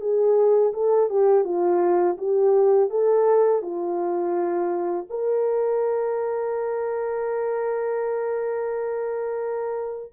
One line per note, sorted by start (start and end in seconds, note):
0.00 0.72 G#4
0.73 1.09 A4
1.09 1.44 G4
1.44 2.17 F4
2.17 2.89 G4
2.89 3.61 A4
3.61 5.06 F4
5.09 10.12 A#4